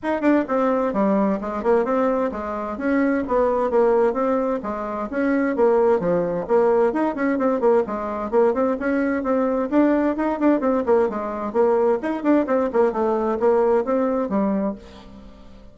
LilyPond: \new Staff \with { instrumentName = "bassoon" } { \time 4/4 \tempo 4 = 130 dis'8 d'8 c'4 g4 gis8 ais8 | c'4 gis4 cis'4 b4 | ais4 c'4 gis4 cis'4 | ais4 f4 ais4 dis'8 cis'8 |
c'8 ais8 gis4 ais8 c'8 cis'4 | c'4 d'4 dis'8 d'8 c'8 ais8 | gis4 ais4 dis'8 d'8 c'8 ais8 | a4 ais4 c'4 g4 | }